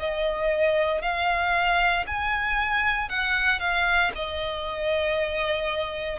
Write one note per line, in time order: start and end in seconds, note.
0.00 1.02 D#5
1.02 2.05 F5
2.07 3.10 G#5
3.10 3.60 F#5
3.60 4.12 F5
4.16 6.19 D#5